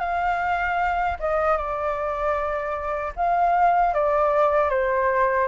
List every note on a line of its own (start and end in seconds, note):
0.00 1.17 F5
1.20 1.57 D#5
1.57 3.13 D5
3.16 3.94 F5
3.94 4.69 D5
4.69 5.47 C5